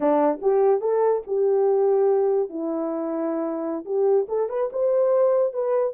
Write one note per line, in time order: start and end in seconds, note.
0.00 0.40 D4
0.41 0.80 G4
0.80 1.22 A4
1.27 2.49 G4
2.49 3.84 E4
3.85 4.26 G4
4.28 4.49 A4
4.49 4.70 B4
4.72 5.53 C5
5.53 5.94 B4